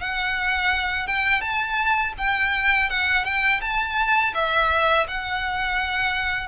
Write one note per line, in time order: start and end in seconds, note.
0.00 1.07 F#5
1.07 1.41 G5
1.41 2.13 A5
2.18 2.90 G5
2.90 3.25 F#5
3.25 3.61 G5
3.61 4.33 A5
4.34 5.06 E5
5.08 6.48 F#5